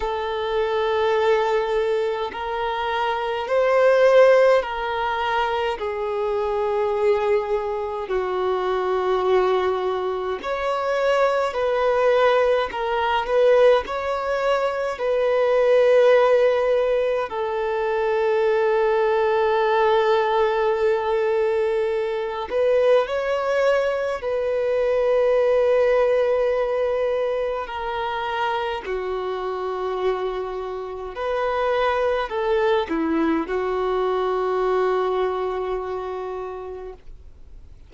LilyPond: \new Staff \with { instrumentName = "violin" } { \time 4/4 \tempo 4 = 52 a'2 ais'4 c''4 | ais'4 gis'2 fis'4~ | fis'4 cis''4 b'4 ais'8 b'8 | cis''4 b'2 a'4~ |
a'2.~ a'8 b'8 | cis''4 b'2. | ais'4 fis'2 b'4 | a'8 e'8 fis'2. | }